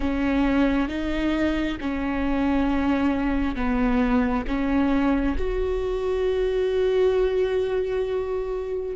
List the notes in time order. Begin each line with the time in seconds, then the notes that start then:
0.00 C#4
0.88 D#4
1.80 C#4
3.55 B3
4.47 C#4
5.37 F#4